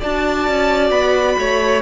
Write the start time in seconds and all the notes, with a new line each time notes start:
0.00 D4 F#4 D5 A5
0.48 C#4
0.91 B3 B5
1.38 A3 C#5